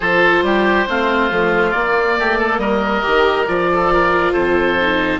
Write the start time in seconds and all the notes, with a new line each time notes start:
0.00 F3 F4 A4 C5
0.42 G3 G4
0.88 A3 C4 F4
1.30 F3 A3
1.70 A#3 D5
2.18 A3 G4
2.38 A4
2.58 G3 A#4 D#5
3.02 D#3 G4
3.47 F3 F4 D5
3.72 A4
3.93 A#4
4.32 F2 A4 C5
4.80 D#4